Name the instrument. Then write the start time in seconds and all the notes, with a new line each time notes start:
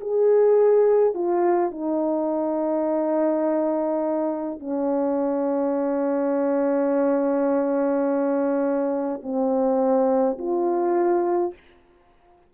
horn
0.00 G#4
1.14 F4
1.71 D#4
4.59 C#4
9.22 C4
10.38 F4